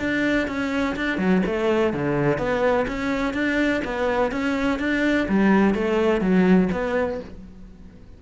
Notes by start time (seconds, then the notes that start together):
0.00 D4
0.48 C#4
0.96 D4
1.18 F#3
1.46 A3
1.94 D3
2.38 B3
2.88 C#4
3.34 D4
3.85 B3
4.32 C#4
4.79 D4
5.28 G3
5.75 A3
6.21 F#3
6.72 B3